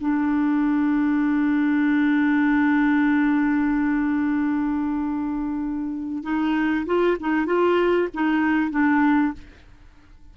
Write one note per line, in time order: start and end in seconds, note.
0.00 6.23 D4
6.23 6.86 D#4
6.86 7.17 F4
7.20 7.46 D#4
7.46 8.08 F4
8.14 8.70 D#4
8.70 9.33 D4